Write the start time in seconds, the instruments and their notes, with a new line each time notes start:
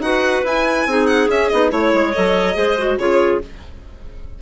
0.00 bassoon D#4, clarinet F#4 B4, violin F#5
0.44 bassoon E4, clarinet E4, violin G#5
0.86 bassoon C4, clarinet D#4 G#4
1.07 violin F#5
1.28 clarinet C#4, bassoon C#4, violin E5
1.49 bassoon B3, clarinet D#4, violin D#5
1.71 bassoon A3, clarinet E4 C#5, violin C#5
1.94 bassoon G#3
2.12 bassoon F#3, clarinet A4, violin D#5
2.54 bassoon G#3, clarinet G#4 C5
2.78 clarinet F#4
2.98 bassoon C#3, clarinet F4 G#4, violin C#5